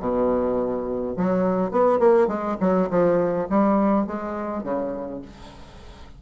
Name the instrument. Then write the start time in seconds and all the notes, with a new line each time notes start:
bassoon
0.00 B2
1.17 F#3
1.71 B3
1.99 A#3
2.28 G#3
2.61 F#3
2.90 F3
3.50 G3
4.07 G#3
4.64 C#3